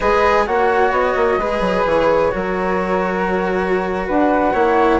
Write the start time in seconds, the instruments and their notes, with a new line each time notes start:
0.00 bassoon G#3, cello G#4, flute B4 D#5
0.46 bassoon A#3, cello F#4, flute C#5 F#5
0.91 bassoon B3, flute D#5
1.16 bassoon A#3
1.37 bassoon G#3, cello G#4, flute B4
1.60 bassoon F#3
1.85 bassoon E3, flute C#5
2.31 bassoon F#3, cello F#4, flute A#4
4.06 bassoon D4, flute B4 F#5
4.53 bassoon A#3, cello E4, flute C#5